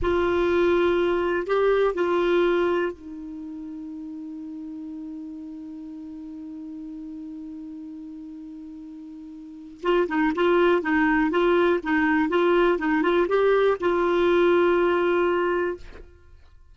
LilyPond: \new Staff \with { instrumentName = "clarinet" } { \time 4/4 \tempo 4 = 122 f'2. g'4 | f'2 dis'2~ | dis'1~ | dis'1~ |
dis'1 | f'8 dis'8 f'4 dis'4 f'4 | dis'4 f'4 dis'8 f'8 g'4 | f'1 | }